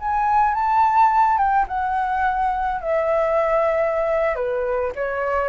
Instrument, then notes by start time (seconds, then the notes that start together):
flute
0.00 G#5
0.55 A5
1.38 G5
1.68 F#5
2.81 E5
4.36 B4
4.96 C#5